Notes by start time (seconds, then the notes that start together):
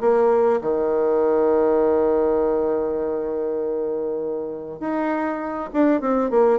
0.00 A#3
0.61 D#3
4.79 D#4
5.73 D4
6.01 C4
6.30 A#3